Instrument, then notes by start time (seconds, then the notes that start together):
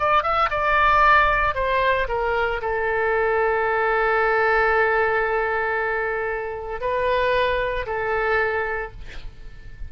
oboe
0.00 D5
0.23 E5
0.51 D5
1.56 C5
2.09 A#4
2.62 A4
6.81 B4
7.87 A4